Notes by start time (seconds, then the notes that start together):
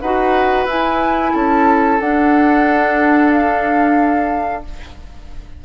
0.00 D#4 F#4 B4 F#5
0.65 E4 G#5
1.33 C#4 A4 A5
2.00 D4 F#5
3.31 F5